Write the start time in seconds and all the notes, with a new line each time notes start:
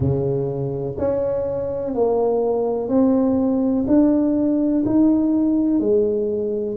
0.00 C#3
0.98 C#4
1.94 A#3
2.88 C4
3.87 D4
4.85 D#4
5.80 G#3